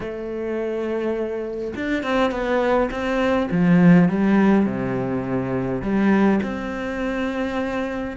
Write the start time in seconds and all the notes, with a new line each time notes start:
0.00 A3
1.76 D4
2.03 C4
2.31 B3
2.90 C4
3.51 F3
4.09 G3
4.65 C3
5.81 G3
6.43 C4